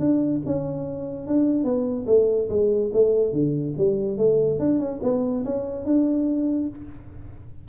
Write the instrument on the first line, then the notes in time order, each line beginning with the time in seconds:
tuba
0.00 D4
0.46 C#4
1.27 D4
1.64 B3
2.07 A3
2.49 G#3
2.94 A3
3.33 D3
3.78 G3
4.18 A3
4.60 D4
4.80 C#4
5.03 B3
5.45 C#4
5.85 D4